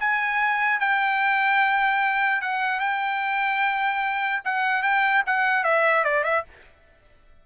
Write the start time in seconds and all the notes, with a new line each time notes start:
0.00 G#5
0.80 G5
2.41 F#5
2.80 G5
4.45 F#5
4.83 G5
5.26 F#5
5.64 E5
6.04 D5
6.24 E5